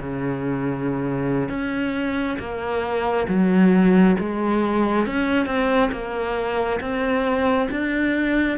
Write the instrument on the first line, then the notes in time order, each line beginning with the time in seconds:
cello
0.00 C#3
1.49 C#4
2.39 A#3
3.28 F#3
4.19 G#3
5.07 C#4
5.46 C4
5.92 A#3
6.81 C4
7.71 D4